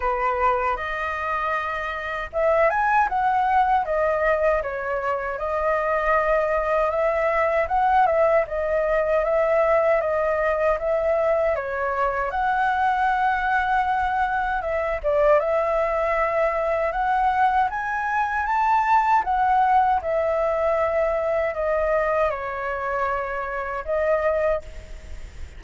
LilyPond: \new Staff \with { instrumentName = "flute" } { \time 4/4 \tempo 4 = 78 b'4 dis''2 e''8 gis''8 | fis''4 dis''4 cis''4 dis''4~ | dis''4 e''4 fis''8 e''8 dis''4 | e''4 dis''4 e''4 cis''4 |
fis''2. e''8 d''8 | e''2 fis''4 gis''4 | a''4 fis''4 e''2 | dis''4 cis''2 dis''4 | }